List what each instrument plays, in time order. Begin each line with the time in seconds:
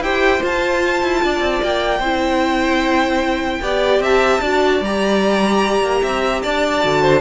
0.00 cello E4, viola G4, violin C5 G5
0.40 viola F4, cello F4, violin A5
1.03 cello E4
1.23 cello D4, violin D5
1.40 cello C4
1.63 cello A#3, violin G5
1.99 cello C4, viola E4, violin C5
3.61 cello B3, viola G4, violin D5
3.99 cello C4, violin E5 A5
4.41 cello D4, viola F#4, violin D5
4.81 cello G3, viola G4, violin A#5
5.81 cello A#3
6.02 cello C4, violin E5
6.42 cello D4, violin D5 A5
6.81 cello D3, viola F#4
7.02 violin C5